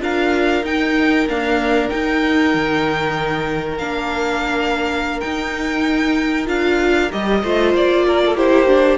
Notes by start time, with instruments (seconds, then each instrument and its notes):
0.00 cello D4, viola F4, violin A#4 F5
0.63 cello D#4, viola D#4, violin G5
1.28 viola A#3, cello D4, violin F5
1.89 viola D#4, cello D#4, violin G5
2.54 cello D#3
3.79 cello A#3, viola D4, violin F5
5.21 viola D#4, cello D#4, violin G5
6.46 cello D4, viola F4, violin F5
7.11 cello G3, viola G4, violin D#5
7.43 cello A3, viola F4, violin C5
7.75 cello A#3, violin D5
8.07 violin A#4
8.26 violin A4
8.37 viola E4, violin G4 C5
8.68 viola D4